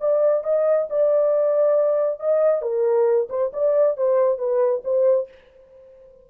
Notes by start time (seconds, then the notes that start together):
0.00 D5
0.44 D#5
0.89 D5
2.20 D#5
2.62 A#4
3.29 C5
3.53 D5
3.97 C5
4.38 B4
4.84 C5